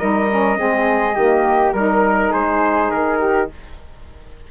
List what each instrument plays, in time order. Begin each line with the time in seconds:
0.00 bassoon G3, saxophone D#4, flute A#4, trumpet D#5
0.30 saxophone C#4
0.56 bassoon G#3, saxophone C4, flute G#4
1.16 bassoon D#3, saxophone A#3, flute G4
1.74 bassoon G3, saxophone D#4, flute A#4, trumpet A#4
2.32 bassoon G#3, flute G#4, trumpet C5
2.91 bassoon D#3, trumpet A#4
3.20 flute G4